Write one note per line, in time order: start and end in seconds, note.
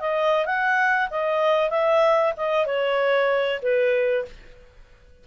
0.00 0.45 D#5
0.45 1.09 F#5
1.10 1.70 D#5
1.70 2.33 E5
2.37 2.66 D#5
2.66 3.60 C#5
3.62 4.25 B4